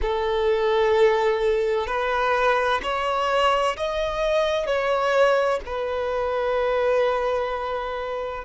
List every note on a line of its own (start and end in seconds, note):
0.01 1.87 A4
1.87 2.80 B4
2.83 3.76 C#5
3.77 4.66 D#5
4.66 5.60 C#5
5.65 8.44 B4